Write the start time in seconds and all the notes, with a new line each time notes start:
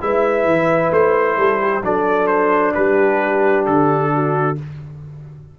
0.00 G#3 E4 B4 E5
0.45 E3
0.91 A3 C5
1.37 G3 A4
1.61 G4
1.83 F#3 D4 A4 D5
2.27 C5
2.74 G3 G4 B4
3.66 D3 A4
4.14 F#4